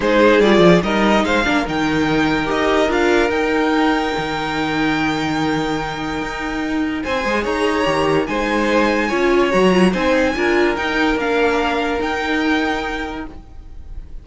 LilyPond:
<<
  \new Staff \with { instrumentName = "violin" } { \time 4/4 \tempo 4 = 145 c''4 d''4 dis''4 f''4 | g''2 dis''4 f''4 | g''1~ | g''1~ |
g''4 gis''4 ais''2 | gis''2. ais''4 | gis''2 g''4 f''4~ | f''4 g''2. | }
  \new Staff \with { instrumentName = "violin" } { \time 4/4 gis'2 ais'4 c''8 ais'8~ | ais'1~ | ais'1~ | ais'1~ |
ais'4 c''4 cis''2 | c''2 cis''2 | c''4 ais'2.~ | ais'1 | }
  \new Staff \with { instrumentName = "viola" } { \time 4/4 dis'4 f'4 dis'4. d'8 | dis'2 g'4 f'4 | dis'1~ | dis'1~ |
dis'4. gis'4. g'4 | dis'2 f'4 fis'8 f'8 | dis'4 f'4 dis'4 d'4~ | d'4 dis'2. | }
  \new Staff \with { instrumentName = "cello" } { \time 4/4 gis4 g8 f8 g4 gis8 ais8 | dis2 dis'4 d'4 | dis'2 dis2~ | dis2. dis'4~ |
dis'4 c'8 gis8 dis'4 dis4 | gis2 cis'4 fis4 | c'4 d'4 dis'4 ais4~ | ais4 dis'2. | }
>>